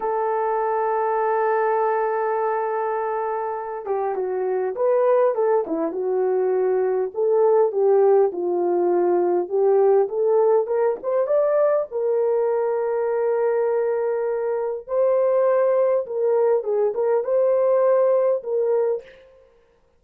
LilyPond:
\new Staff \with { instrumentName = "horn" } { \time 4/4 \tempo 4 = 101 a'1~ | a'2~ a'8 g'8 fis'4 | b'4 a'8 e'8 fis'2 | a'4 g'4 f'2 |
g'4 a'4 ais'8 c''8 d''4 | ais'1~ | ais'4 c''2 ais'4 | gis'8 ais'8 c''2 ais'4 | }